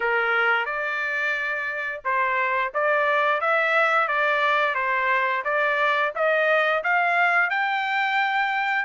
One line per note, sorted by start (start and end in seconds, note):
0.00 0.65 A#4
0.65 2.01 D5
2.04 2.72 C5
2.73 3.40 D5
3.40 4.08 E5
4.08 4.74 D5
4.74 5.43 C5
5.44 6.12 D5
6.15 6.83 D#5
6.83 7.50 F5
7.50 8.85 G5